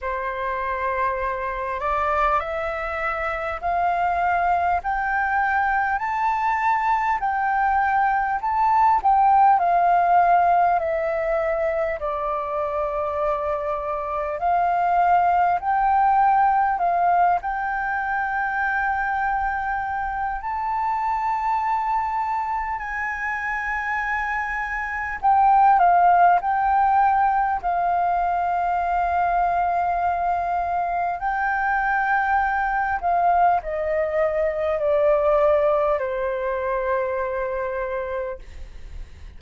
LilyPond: \new Staff \with { instrumentName = "flute" } { \time 4/4 \tempo 4 = 50 c''4. d''8 e''4 f''4 | g''4 a''4 g''4 a''8 g''8 | f''4 e''4 d''2 | f''4 g''4 f''8 g''4.~ |
g''4 a''2 gis''4~ | gis''4 g''8 f''8 g''4 f''4~ | f''2 g''4. f''8 | dis''4 d''4 c''2 | }